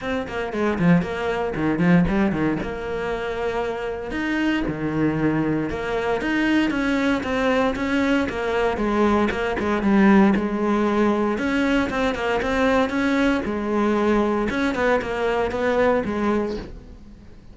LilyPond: \new Staff \with { instrumentName = "cello" } { \time 4/4 \tempo 4 = 116 c'8 ais8 gis8 f8 ais4 dis8 f8 | g8 dis8 ais2. | dis'4 dis2 ais4 | dis'4 cis'4 c'4 cis'4 |
ais4 gis4 ais8 gis8 g4 | gis2 cis'4 c'8 ais8 | c'4 cis'4 gis2 | cis'8 b8 ais4 b4 gis4 | }